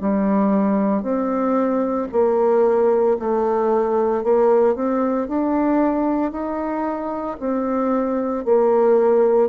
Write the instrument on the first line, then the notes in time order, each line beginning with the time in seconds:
bassoon
0.00 G3
1.02 C4
2.11 A#3
3.19 A3
4.23 A#3
4.75 C4
5.28 D4
6.31 D#4
7.39 C4
8.44 A#3